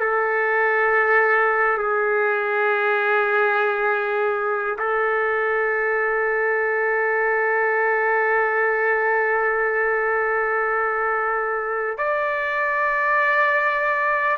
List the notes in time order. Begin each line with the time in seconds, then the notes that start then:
0.00 A4
1.78 G#4
4.78 A4
11.98 D5